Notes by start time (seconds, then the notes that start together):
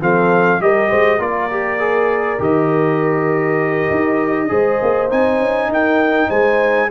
0.00 F3 C4 A4 F5
0.60 G3 G4 A#4 D#5
0.89 G#3 C5
1.18 A#3 F4 A#4 D5
1.50 G4
1.79 G#4
2.38 D#3 G4 D#5
3.90 D#4
4.48 G#3 G#4 C5
4.82 A#3
5.09 C4 D#4 G#5
5.39 C#4
5.67 D#4 A#4 G5
6.28 G#3 C5 G#5